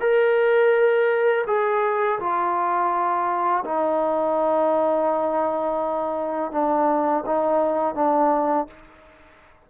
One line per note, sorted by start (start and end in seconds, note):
0.00 1.45 A#4
1.47 2.19 G#4
2.19 3.64 F4
3.65 6.52 D#4
6.52 7.24 D4
7.26 7.95 D#4
7.95 8.67 D4